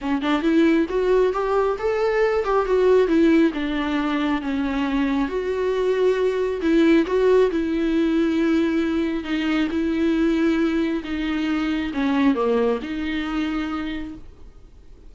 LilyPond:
\new Staff \with { instrumentName = "viola" } { \time 4/4 \tempo 4 = 136 cis'8 d'8 e'4 fis'4 g'4 | a'4. g'8 fis'4 e'4 | d'2 cis'2 | fis'2. e'4 |
fis'4 e'2.~ | e'4 dis'4 e'2~ | e'4 dis'2 cis'4 | ais4 dis'2. | }